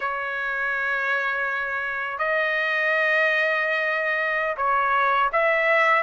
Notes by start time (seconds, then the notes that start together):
0.00 C#5
2.18 D#5
4.57 C#5
5.32 E5